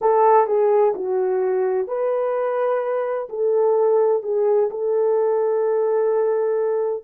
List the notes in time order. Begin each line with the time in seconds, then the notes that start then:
0.01 A4
0.46 G#4
0.95 F#4
1.87 B4
3.29 A4
4.22 G#4
4.70 A4